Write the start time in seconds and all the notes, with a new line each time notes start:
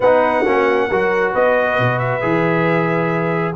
0.00 B3 D#4 B4 F#5
0.41 A#3 C#4 F#4
0.88 F#3 F#4 A#4
1.32 B3 B4 D#5
1.78 B2
1.98 E5
2.21 E3 G#4